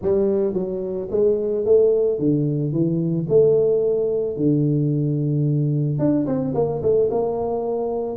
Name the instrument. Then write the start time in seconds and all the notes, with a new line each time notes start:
tuba
0.01 G3
0.53 F#3
1.10 G#3
1.65 A3
2.18 D3
2.72 E3
3.28 A3
4.36 D3
5.99 D4
6.26 C4
6.54 A#3
6.82 A3
7.10 A#3